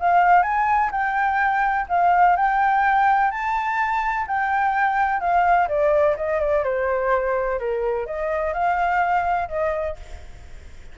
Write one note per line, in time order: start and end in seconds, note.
0.00 0.43 F5
0.43 0.91 G#5
0.92 1.87 G5
1.89 2.37 F5
2.37 3.31 G5
3.31 4.27 A5
4.27 5.21 G5
5.21 5.68 F5
5.69 6.16 D5
6.17 6.40 D#5
6.40 6.64 D5
6.64 7.59 C5
7.59 8.07 A#4
8.07 8.54 D#5
8.54 9.49 F5
9.49 9.97 D#5